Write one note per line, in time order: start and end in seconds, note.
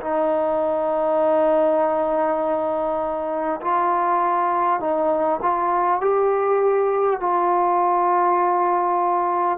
0.00 3.60 D#4
3.61 4.80 F4
4.80 5.40 D#4
5.42 6.01 F4
6.01 7.20 G4
7.20 9.58 F4